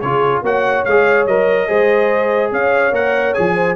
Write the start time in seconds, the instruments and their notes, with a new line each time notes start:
0.00 tuba C#3, trombone F4, horn G#4, trumpet C#5
0.42 tuba A#3, trombone F#4, horn C#5, trumpet F#5
0.84 tuba G#3, trombone G#4, trumpet F5
1.26 tuba F#3, trombone A#4, trumpet D#5
1.67 tuba G#3, trombone G#4, horn C5
2.51 tuba C#4, horn C#5, trumpet F5
2.91 tuba A#3, trombone A#4, trumpet F#5
3.33 tuba F3, trombone G#4, trumpet G#5
3.54 horn C5